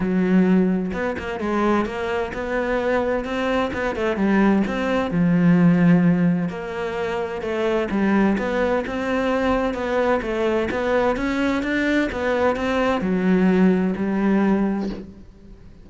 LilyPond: \new Staff \with { instrumentName = "cello" } { \time 4/4 \tempo 4 = 129 fis2 b8 ais8 gis4 | ais4 b2 c'4 | b8 a8 g4 c'4 f4~ | f2 ais2 |
a4 g4 b4 c'4~ | c'4 b4 a4 b4 | cis'4 d'4 b4 c'4 | fis2 g2 | }